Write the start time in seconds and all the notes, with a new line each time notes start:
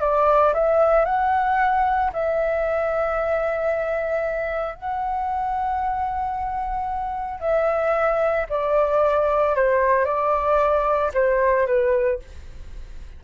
0.00 D5
0.54 E5
1.05 F#5
2.13 E5
4.75 F#5
7.40 E5
8.49 D5
9.55 C5
10.05 D5
11.14 C5
11.66 B4